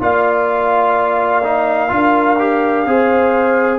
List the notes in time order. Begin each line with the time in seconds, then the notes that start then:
0.00 A#3 F4 D5 F5
1.43 D#4
1.89 D4 F4 A#4
2.39 G4
2.86 C4 G#4 C5